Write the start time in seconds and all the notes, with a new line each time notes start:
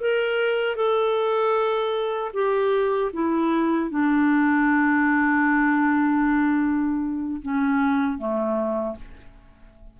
0.00 A#4
0.75 A4
2.33 G4
3.13 E4
3.90 D4
7.42 C#4
8.18 A3